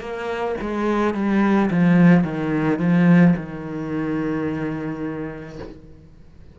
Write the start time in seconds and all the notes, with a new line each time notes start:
0.00 A#3
0.61 G#3
1.14 G3
1.71 F3
2.24 D#3
2.79 F3
3.37 D#3